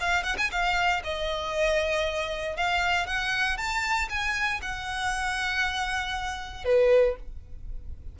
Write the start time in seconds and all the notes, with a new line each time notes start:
0.00 F5
0.24 F#5
0.38 G#5
0.51 F5
1.04 D#5
2.57 F5
3.07 F#5
3.57 A5
4.09 G#5
4.62 F#5
6.65 B4